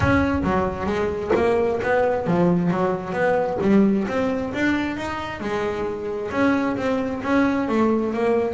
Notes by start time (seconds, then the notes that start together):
0.00 C#4
0.43 F#3
0.86 G#3
1.35 A#3
1.83 B3
2.26 F3
2.71 F#3
3.13 B3
3.61 G3
4.08 C4
4.53 D4
4.96 D#4
5.40 G#3
6.31 C#4
6.76 C4
7.23 C#4
7.68 A3
8.13 A#3